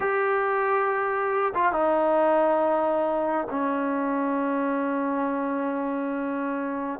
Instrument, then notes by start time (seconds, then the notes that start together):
trombone
0.00 G4
1.54 F4
1.72 D#4
3.49 C#4